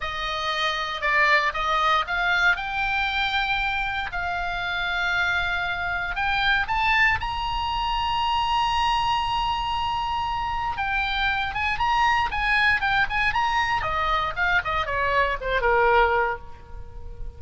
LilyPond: \new Staff \with { instrumentName = "oboe" } { \time 4/4 \tempo 4 = 117 dis''2 d''4 dis''4 | f''4 g''2. | f''1 | g''4 a''4 ais''2~ |
ais''1~ | ais''4 g''4. gis''8 ais''4 | gis''4 g''8 gis''8 ais''4 dis''4 | f''8 dis''8 cis''4 c''8 ais'4. | }